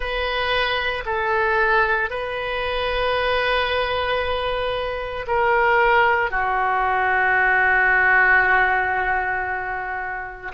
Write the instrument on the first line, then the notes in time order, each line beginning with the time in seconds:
oboe
0.00 B4
1.05 A4
2.10 B4
5.27 A#4
6.31 F#4